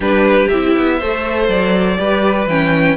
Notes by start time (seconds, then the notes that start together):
0.00 G3 D4 G4 B4
0.47 C4 E4 E5
0.76 B3
0.99 A3 A4 C5
1.48 F#3 D5
1.97 G3 G4 B4
2.46 E3 C#4 G5